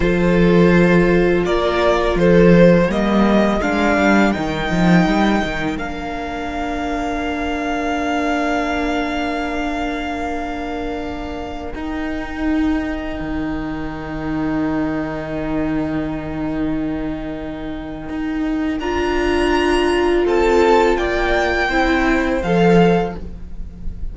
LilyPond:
<<
  \new Staff \with { instrumentName = "violin" } { \time 4/4 \tempo 4 = 83 c''2 d''4 c''4 | dis''4 f''4 g''2 | f''1~ | f''1~ |
f''16 g''2.~ g''8.~ | g''1~ | g''2 ais''2 | a''4 g''2 f''4 | }
  \new Staff \with { instrumentName = "violin" } { \time 4/4 a'2 ais'4 a'4 | ais'1~ | ais'1~ | ais'1~ |
ais'1~ | ais'1~ | ais'1 | a'4 d''4 c''2 | }
  \new Staff \with { instrumentName = "viola" } { \time 4/4 f'1 | ais4 d'4 dis'2 | d'1~ | d'1~ |
d'16 dis'2.~ dis'8.~ | dis'1~ | dis'2 f'2~ | f'2 e'4 a'4 | }
  \new Staff \with { instrumentName = "cello" } { \time 4/4 f2 ais4 f4 | g4 gis8 g8 dis8 f8 g8 dis8 | ais1~ | ais1~ |
ais16 dis'2 dis4.~ dis16~ | dis1~ | dis4 dis'4 d'2 | c'4 ais4 c'4 f4 | }
>>